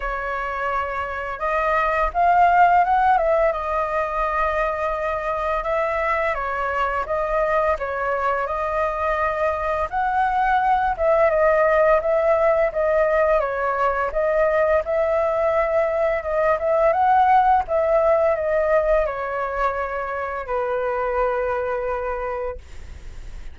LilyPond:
\new Staff \with { instrumentName = "flute" } { \time 4/4 \tempo 4 = 85 cis''2 dis''4 f''4 | fis''8 e''8 dis''2. | e''4 cis''4 dis''4 cis''4 | dis''2 fis''4. e''8 |
dis''4 e''4 dis''4 cis''4 | dis''4 e''2 dis''8 e''8 | fis''4 e''4 dis''4 cis''4~ | cis''4 b'2. | }